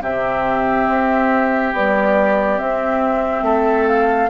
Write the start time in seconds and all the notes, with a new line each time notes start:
0.00 C3 C4 G4 E5
0.88 C4
1.73 G3 B3 D5
2.58 C4 E5
3.42 A3 A4
3.87 F5